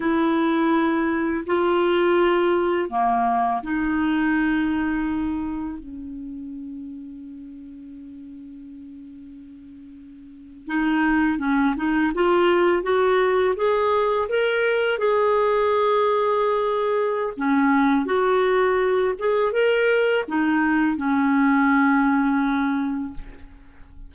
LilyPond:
\new Staff \with { instrumentName = "clarinet" } { \time 4/4 \tempo 4 = 83 e'2 f'2 | ais4 dis'2. | cis'1~ | cis'2~ cis'8. dis'4 cis'16~ |
cis'16 dis'8 f'4 fis'4 gis'4 ais'16~ | ais'8. gis'2.~ gis'16 | cis'4 fis'4. gis'8 ais'4 | dis'4 cis'2. | }